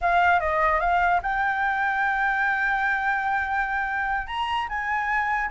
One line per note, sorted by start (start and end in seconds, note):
0.01 0.40 F5
0.40 0.80 D#5
0.80 1.20 F5
1.22 4.27 G5
4.27 4.67 A#5
4.68 5.50 G#5